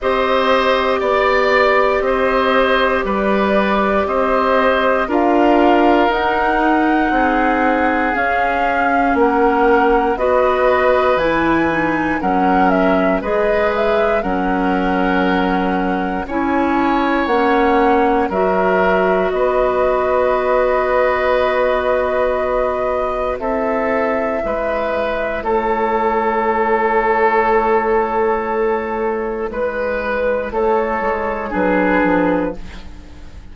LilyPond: <<
  \new Staff \with { instrumentName = "flute" } { \time 4/4 \tempo 4 = 59 dis''4 d''4 dis''4 d''4 | dis''4 f''4 fis''2 | f''4 fis''4 dis''4 gis''4 | fis''8 e''8 dis''8 e''8 fis''2 |
gis''4 fis''4 e''4 dis''4~ | dis''2. e''4~ | e''4 cis''2.~ | cis''4 b'4 cis''4 b'4 | }
  \new Staff \with { instrumentName = "oboe" } { \time 4/4 c''4 d''4 c''4 b'4 | c''4 ais'2 gis'4~ | gis'4 ais'4 b'2 | ais'4 b'4 ais'2 |
cis''2 ais'4 b'4~ | b'2. a'4 | b'4 a'2.~ | a'4 b'4 a'4 gis'4 | }
  \new Staff \with { instrumentName = "clarinet" } { \time 4/4 g'1~ | g'4 f'4 dis'2 | cis'2 fis'4 e'8 dis'8 | cis'4 gis'4 cis'2 |
e'4 cis'4 fis'2~ | fis'2. e'4~ | e'1~ | e'2. d'4 | }
  \new Staff \with { instrumentName = "bassoon" } { \time 4/4 c'4 b4 c'4 g4 | c'4 d'4 dis'4 c'4 | cis'4 ais4 b4 e4 | fis4 gis4 fis2 |
cis'4 ais4 fis4 b4~ | b2. c'4 | gis4 a2.~ | a4 gis4 a8 gis8 fis8 f8 | }
>>